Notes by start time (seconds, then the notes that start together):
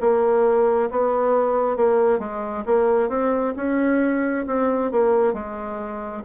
0.00 A#3
0.90 B3
1.76 A#3
2.19 G#3
2.66 A#3
3.09 C4
3.56 C#4
4.46 C4
4.91 A#3
5.33 G#3